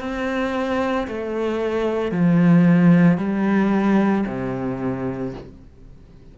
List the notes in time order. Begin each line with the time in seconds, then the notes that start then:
0.00 C4
1.08 A3
2.12 F3
3.18 G3
4.27 C3